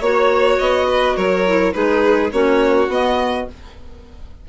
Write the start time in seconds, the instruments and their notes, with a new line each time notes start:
0.00 bassoon A#3, clarinet F#4, violin C#5
0.59 bassoon B3, violin D#5
0.88 violin B4
1.16 bassoon F#3, violin A#4 C#5
1.47 clarinet E4
1.73 bassoon G#3, clarinet D#4, violin G#4 B4
2.31 bassoon A#3, clarinet C#4, violin F#4 C#5
2.88 bassoon B3, clarinet B3, violin D#5